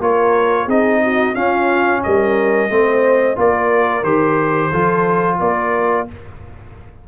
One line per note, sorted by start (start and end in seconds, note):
0.00 0.67 A#3
0.00 0.68 F4
0.00 0.65 A#4
0.00 0.69 C#5
0.65 1.34 C4
0.65 1.35 D#4
0.65 0.99 G#4
0.65 1.35 D#5
1.03 1.34 F#4
1.34 2.02 C#4
1.34 2.70 C#4
1.34 2.01 F4
1.34 2.02 F5
2.03 2.69 G3
2.03 2.71 A#4
2.03 3.38 D#5
2.69 3.37 A3
2.69 3.35 C4
2.69 3.38 C5
3.35 4.03 A#3
3.35 4.03 F4
3.35 4.69 A#4
3.35 4.03 D5
4.03 4.71 D#3
4.03 4.71 G4
4.03 5.38 C5
4.69 5.40 F3
4.69 6.07 F4
4.69 5.37 A4
5.39 6.08 A#3
5.39 6.06 A#4
5.39 6.08 D5